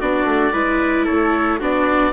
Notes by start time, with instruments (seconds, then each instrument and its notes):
0.00 bassoon B3, viola D4, trumpet F#4, oboe D5
0.24 bassoon A3
0.53 bassoon G#3, viola E4, trumpet B4
1.05 trumpet A4, oboe C#5
1.11 bassoon A3
1.59 bassoon B3, viola D4, trumpet F#4, oboe D5